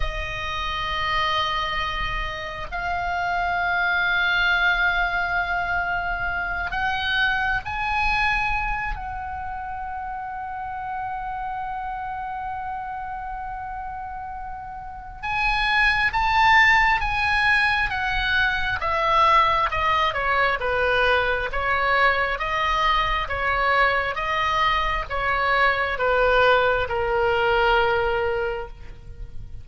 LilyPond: \new Staff \with { instrumentName = "oboe" } { \time 4/4 \tempo 4 = 67 dis''2. f''4~ | f''2.~ f''8 fis''8~ | fis''8 gis''4. fis''2~ | fis''1~ |
fis''4 gis''4 a''4 gis''4 | fis''4 e''4 dis''8 cis''8 b'4 | cis''4 dis''4 cis''4 dis''4 | cis''4 b'4 ais'2 | }